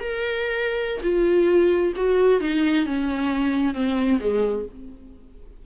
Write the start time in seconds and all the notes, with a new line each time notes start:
0.00 A#4
1.03 F4
1.96 F#4
2.41 D#4
2.86 C#4
3.74 C4
4.20 G#3